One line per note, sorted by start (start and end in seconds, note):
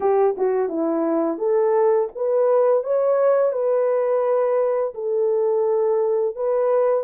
0.00 0.35 G4
0.37 0.68 F#4
0.68 1.38 E4
1.38 2.08 A4
2.15 2.83 B4
2.83 3.52 C#5
3.52 4.93 B4
4.94 6.35 A4
6.35 7.04 B4